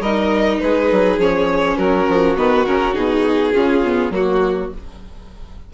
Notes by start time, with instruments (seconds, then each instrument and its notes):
0.00 bassoon G3, viola D#4, violin A#4 D#5
0.60 bassoon G#3, violin G#4 B4
0.91 bassoon F#3
1.18 bassoon F3, viola C#4, violin C#5
1.77 bassoon F#3, violin F#4 A#4
2.08 bassoon F3
2.36 bassoon D#3, viola B3, violin B4
2.66 bassoon C#3, viola C#4, violin A#4
2.93 bassoon B2, viola D#4, violin G#4
3.53 bassoon C#3, viola C#4, violin F4
3.84 viola B3
4.10 bassoon F#3, viola A#3, violin F#4